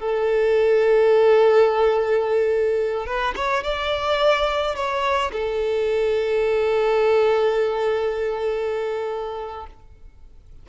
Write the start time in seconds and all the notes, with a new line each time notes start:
0.00 A4
3.06 B4
3.36 C#5
3.63 D5
4.75 C#5
5.32 A4